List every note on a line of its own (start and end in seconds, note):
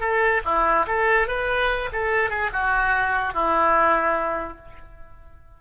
0.00 0.41 A4
0.45 0.86 E4
0.87 1.27 A4
1.27 1.89 B4
1.92 2.30 A4
2.30 2.50 G#4
2.53 3.33 F#4
3.33 4.58 E4